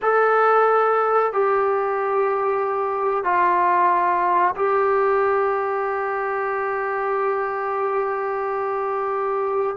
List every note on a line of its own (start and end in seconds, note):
0.02 1.32 A4
1.32 3.24 G4
3.24 4.54 F4
4.55 9.76 G4